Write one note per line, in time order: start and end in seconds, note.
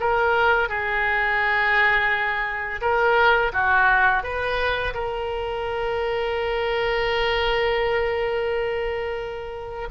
0.00 0.69 A#4
0.69 2.80 G#4
2.81 3.52 A#4
3.53 4.23 F#4
4.23 4.93 B4
4.94 9.88 A#4